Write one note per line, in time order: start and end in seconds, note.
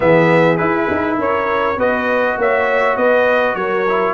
0.00 0.60 E3
0.00 0.57 B3
0.00 1.18 G#4
0.00 0.57 E5
0.57 1.76 E4
0.57 0.89 E4
0.57 1.16 B4
0.90 1.18 D#4
1.18 1.77 C#4
1.18 1.76 A#4
1.18 1.79 C#5
1.76 2.36 B3
1.76 3.87 F#4
1.76 2.36 B4
1.76 2.39 D#5
2.37 2.96 A#3
2.37 2.96 C#5
2.37 2.97 E5
2.96 3.55 B3
2.96 3.55 B4
2.96 3.55 D#5
3.55 4.13 F#3
3.55 4.13 A#4
3.55 4.13 C#5
3.88 4.13 E4